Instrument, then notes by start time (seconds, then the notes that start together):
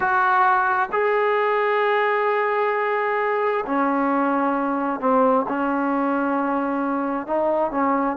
trombone
0.00 F#4
0.92 G#4
3.65 C#4
5.00 C4
5.48 C#4
7.26 D#4
7.71 C#4